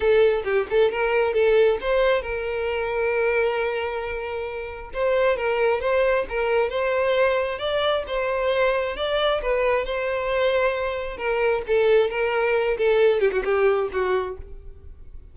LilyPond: \new Staff \with { instrumentName = "violin" } { \time 4/4 \tempo 4 = 134 a'4 g'8 a'8 ais'4 a'4 | c''4 ais'2.~ | ais'2. c''4 | ais'4 c''4 ais'4 c''4~ |
c''4 d''4 c''2 | d''4 b'4 c''2~ | c''4 ais'4 a'4 ais'4~ | ais'8 a'4 g'16 fis'16 g'4 fis'4 | }